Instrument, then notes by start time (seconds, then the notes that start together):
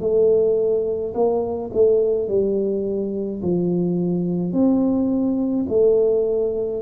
tuba
0.00 A3
1.14 A#3
1.73 A3
2.28 G3
3.42 F3
4.52 C4
5.69 A3